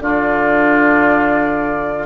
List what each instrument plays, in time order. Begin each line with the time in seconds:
0.00 bassoon D3, clarinet D4, oboe F4, flute D5